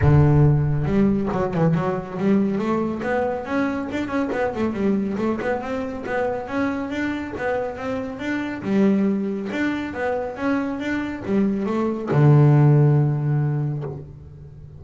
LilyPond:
\new Staff \with { instrumentName = "double bass" } { \time 4/4 \tempo 4 = 139 d2 g4 fis8 e8 | fis4 g4 a4 b4 | cis'4 d'8 cis'8 b8 a8 g4 | a8 b8 c'4 b4 cis'4 |
d'4 b4 c'4 d'4 | g2 d'4 b4 | cis'4 d'4 g4 a4 | d1 | }